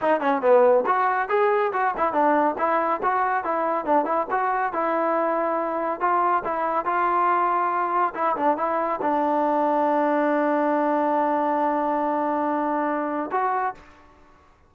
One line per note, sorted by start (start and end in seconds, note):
0.01 0.20 D#4
0.20 0.41 C#4
0.41 0.84 B3
0.86 1.29 F#4
1.29 1.71 G#4
1.72 1.94 F#4
1.97 2.12 E4
2.12 2.55 D4
2.57 3.00 E4
3.02 3.44 F#4
3.44 3.85 E4
3.85 4.05 D4
4.05 4.26 E4
4.31 4.73 F#4
4.73 6.00 E4
6.00 6.43 F4
6.44 6.85 E4
6.85 8.13 F4
8.14 8.36 E4
8.36 8.57 D4
8.57 9.00 E4
9.01 13.30 D4
13.31 13.74 F#4